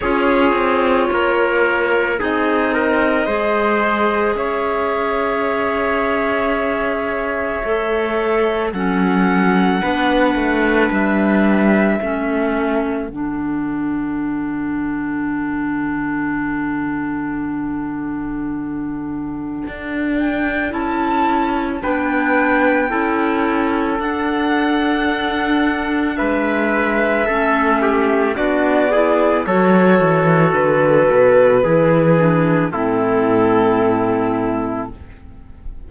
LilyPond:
<<
  \new Staff \with { instrumentName = "violin" } { \time 4/4 \tempo 4 = 55 cis''2 dis''2 | e''1 | fis''2 e''2 | fis''1~ |
fis''2~ fis''8 g''8 a''4 | g''2 fis''2 | e''2 d''4 cis''4 | b'2 a'2 | }
  \new Staff \with { instrumentName = "trumpet" } { \time 4/4 gis'4 ais'4 gis'8 ais'8 c''4 | cis''1 | a'4 b'2 a'4~ | a'1~ |
a'1 | b'4 a'2. | b'4 a'8 g'8 fis'8 gis'8 a'4~ | a'4 gis'4 e'2 | }
  \new Staff \with { instrumentName = "clarinet" } { \time 4/4 f'2 dis'4 gis'4~ | gis'2. a'4 | cis'4 d'2 cis'4 | d'1~ |
d'2. e'4 | d'4 e'4 d'2~ | d'4 cis'4 d'8 e'8 fis'4~ | fis'4 e'8 d'8 c'2 | }
  \new Staff \with { instrumentName = "cello" } { \time 4/4 cis'8 c'8 ais4 c'4 gis4 | cis'2. a4 | fis4 b8 a8 g4 a4 | d1~ |
d2 d'4 cis'4 | b4 cis'4 d'2 | gis4 a4 b4 fis8 e8 | d8 b,8 e4 a,2 | }
>>